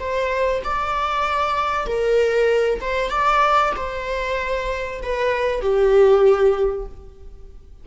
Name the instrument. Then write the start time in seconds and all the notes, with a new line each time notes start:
viola
0.00 C5
0.65 D5
1.87 A#4
2.81 C5
3.11 D5
3.77 C5
5.03 B4
5.62 G4